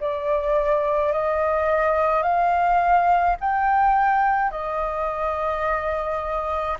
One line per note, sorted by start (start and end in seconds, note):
0.00 1.12 D5
1.12 2.22 D#5
2.22 3.36 F5
3.40 4.51 G5
4.51 6.77 D#5